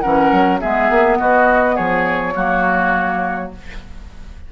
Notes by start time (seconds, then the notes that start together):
0.00 E3 C#4 A#4 F#5
0.32 F#3
0.59 G#3 B3 G#4 E5
0.90 A#3
1.19 B3 F#4 D#5
1.75 F3 G#4 C#5
2.35 F#3 A#3 F#4